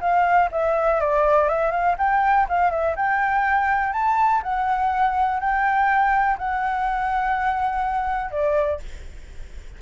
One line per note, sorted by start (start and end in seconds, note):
0.00 0.49 F5
0.51 1.00 E5
1.00 1.48 D5
1.48 1.71 E5
1.71 1.95 F5
1.97 2.46 G5
2.48 2.70 F5
2.70 2.95 E5
2.95 3.92 G5
3.92 4.41 A5
4.42 5.39 F#5
5.39 6.37 G5
6.38 8.30 F#5
8.30 8.79 D5